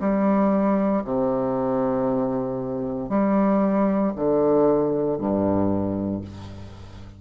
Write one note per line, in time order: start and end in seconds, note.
0.00 1.03 G3
1.04 3.09 C3
3.09 4.12 G3
4.16 5.18 D3
5.18 6.21 G2